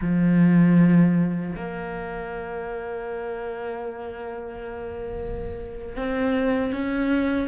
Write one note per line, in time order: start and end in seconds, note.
0.01 1.55 F3
1.55 5.95 A#3
5.95 6.72 C4
6.72 7.48 C#4